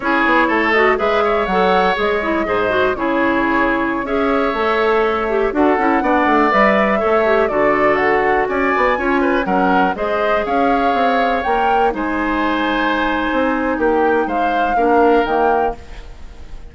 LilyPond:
<<
  \new Staff \with { instrumentName = "flute" } { \time 4/4 \tempo 4 = 122 cis''4. dis''8 e''4 fis''4 | dis''2 cis''2~ | cis''16 e''2. fis''8.~ | fis''4~ fis''16 e''2 d''8.~ |
d''16 fis''4 gis''2 fis''8.~ | fis''16 dis''4 f''2 g''8.~ | g''16 gis''2.~ gis''8. | g''4 f''2 g''4 | }
  \new Staff \with { instrumentName = "oboe" } { \time 4/4 gis'4 a'4 b'8 cis''4.~ | cis''4 c''4 gis'2~ | gis'16 cis''2. a'8.~ | a'16 d''2 cis''4 a'8.~ |
a'4~ a'16 d''4 cis''8 b'8 ais'8.~ | ais'16 c''4 cis''2~ cis''8.~ | cis''16 c''2.~ c''8. | g'4 c''4 ais'2 | }
  \new Staff \with { instrumentName = "clarinet" } { \time 4/4 e'4. fis'8 gis'4 a'4 | gis'8 e'8 gis'8 fis'8 e'2~ | e'16 gis'4 a'4. g'8 fis'8 e'16~ | e'16 d'4 b'4 a'8 g'8 fis'8.~ |
fis'2~ fis'16 f'4 cis'8.~ | cis'16 gis'2. ais'8.~ | ais'16 dis'2.~ dis'8.~ | dis'2 d'4 ais4 | }
  \new Staff \with { instrumentName = "bassoon" } { \time 4/4 cis'8 b8 a4 gis4 fis4 | gis4 gis,4 cis2~ | cis16 cis'4 a2 d'8 cis'16~ | cis'16 b8 a8 g4 a4 d8.~ |
d4~ d16 cis'8 b8 cis'4 fis8.~ | fis16 gis4 cis'4 c'4 ais8.~ | ais16 gis2~ gis8. c'4 | ais4 gis4 ais4 dis4 | }
>>